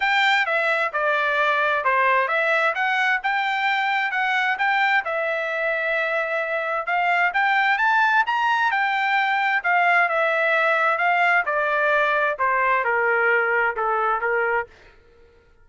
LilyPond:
\new Staff \with { instrumentName = "trumpet" } { \time 4/4 \tempo 4 = 131 g''4 e''4 d''2 | c''4 e''4 fis''4 g''4~ | g''4 fis''4 g''4 e''4~ | e''2. f''4 |
g''4 a''4 ais''4 g''4~ | g''4 f''4 e''2 | f''4 d''2 c''4 | ais'2 a'4 ais'4 | }